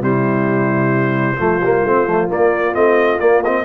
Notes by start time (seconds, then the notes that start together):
0.00 C3 G3 E4 C5
1.37 F3 A3 F4
1.60 G3 A#3
1.84 A3 C4
2.06 F3 A3
2.27 A#3 D5
2.73 A3 C4 D#5
3.19 A#3 D5
3.43 C4 D#5